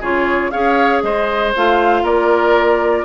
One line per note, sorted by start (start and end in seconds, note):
0.00 0.52 C#3
0.00 0.52 F4
0.00 0.51 G#4
0.00 0.51 C#5
0.51 1.03 C#4
0.51 1.54 G#4
0.51 1.03 C#5
0.51 1.02 F5
1.02 1.54 G#3
1.02 2.03 C5
1.02 1.53 D#5
1.56 2.03 A3
1.56 3.05 F4
1.56 2.05 F5
2.03 3.04 A#3
2.03 3.05 A#4
2.03 3.05 D5